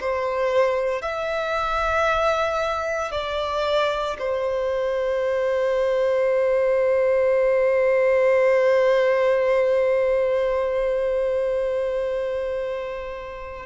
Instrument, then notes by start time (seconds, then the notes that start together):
violin
0.00 C5
1.01 E5
3.11 D5
4.19 C5